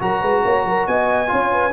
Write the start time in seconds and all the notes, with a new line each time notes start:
0.00 F#3 F#4 A#4 A#5
0.20 G#3 B4
0.44 A#3 C#5
0.64 F#3 A#4
0.87 B3 D#5 G#5
1.27 C#4 F4 C#5
1.52 B4